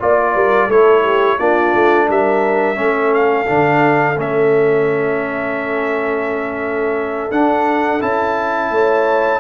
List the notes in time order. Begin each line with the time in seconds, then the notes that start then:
0.00 A#3 F4 D5
0.35 G3 A#4
0.67 A3 E4 A4 C#5
1.03 G4
1.38 A#3 D4 F4 D5
1.75 A3
2.09 G3 A#4 E5
2.75 A3 C#4 A4
3.14 F5
3.46 D3 D4
4.17 A3 C#4 E5
7.31 D4 F#5
8.01 C#4 E4 A5
8.70 A3 C#5